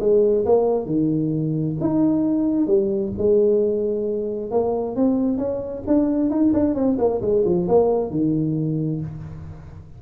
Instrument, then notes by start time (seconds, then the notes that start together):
tuba
0.00 G#3
0.46 A#3
0.86 D#3
1.81 D#4
2.67 G3
3.18 G#3
4.51 A#3
4.96 C4
5.38 C#4
5.87 D4
6.30 D#4
6.54 D4
6.75 C4
6.99 A#3
7.22 G#3
7.45 F3
7.69 A#3
8.11 D#3